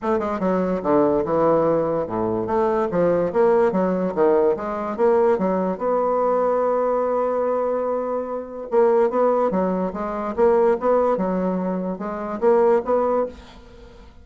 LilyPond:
\new Staff \with { instrumentName = "bassoon" } { \time 4/4 \tempo 4 = 145 a8 gis8 fis4 d4 e4~ | e4 a,4 a4 f4 | ais4 fis4 dis4 gis4 | ais4 fis4 b2~ |
b1~ | b4 ais4 b4 fis4 | gis4 ais4 b4 fis4~ | fis4 gis4 ais4 b4 | }